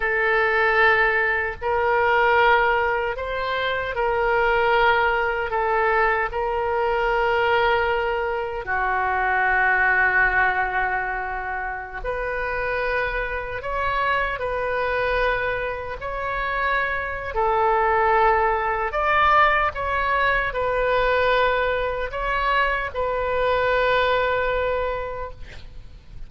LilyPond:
\new Staff \with { instrumentName = "oboe" } { \time 4/4 \tempo 4 = 76 a'2 ais'2 | c''4 ais'2 a'4 | ais'2. fis'4~ | fis'2.~ fis'16 b'8.~ |
b'4~ b'16 cis''4 b'4.~ b'16~ | b'16 cis''4.~ cis''16 a'2 | d''4 cis''4 b'2 | cis''4 b'2. | }